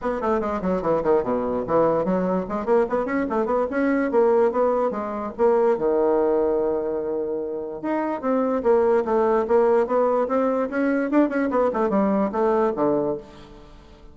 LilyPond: \new Staff \with { instrumentName = "bassoon" } { \time 4/4 \tempo 4 = 146 b8 a8 gis8 fis8 e8 dis8 b,4 | e4 fis4 gis8 ais8 b8 cis'8 | a8 b8 cis'4 ais4 b4 | gis4 ais4 dis2~ |
dis2. dis'4 | c'4 ais4 a4 ais4 | b4 c'4 cis'4 d'8 cis'8 | b8 a8 g4 a4 d4 | }